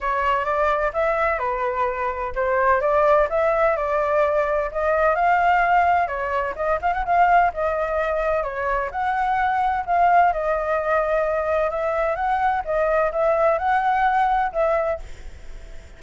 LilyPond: \new Staff \with { instrumentName = "flute" } { \time 4/4 \tempo 4 = 128 cis''4 d''4 e''4 b'4~ | b'4 c''4 d''4 e''4 | d''2 dis''4 f''4~ | f''4 cis''4 dis''8 f''16 fis''16 f''4 |
dis''2 cis''4 fis''4~ | fis''4 f''4 dis''2~ | dis''4 e''4 fis''4 dis''4 | e''4 fis''2 e''4 | }